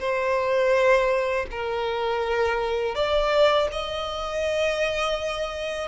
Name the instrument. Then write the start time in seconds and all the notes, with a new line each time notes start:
violin
0.00 C5
1.51 A#4
2.95 D5
3.72 D#5